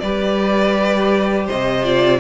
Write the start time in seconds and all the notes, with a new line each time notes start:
0.00 G3 G4 B4 D5
1.46 C3 C5 D#5
1.84 F4 D5